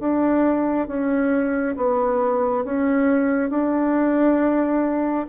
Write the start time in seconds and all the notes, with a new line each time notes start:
0.00 D4
0.88 C#4
1.76 B3
2.65 C#4
3.50 D4